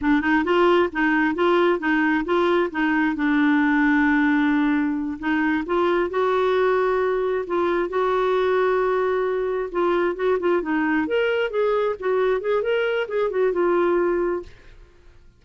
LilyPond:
\new Staff \with { instrumentName = "clarinet" } { \time 4/4 \tempo 4 = 133 d'8 dis'8 f'4 dis'4 f'4 | dis'4 f'4 dis'4 d'4~ | d'2.~ d'8 dis'8~ | dis'8 f'4 fis'2~ fis'8~ |
fis'8 f'4 fis'2~ fis'8~ | fis'4. f'4 fis'8 f'8 dis'8~ | dis'8 ais'4 gis'4 fis'4 gis'8 | ais'4 gis'8 fis'8 f'2 | }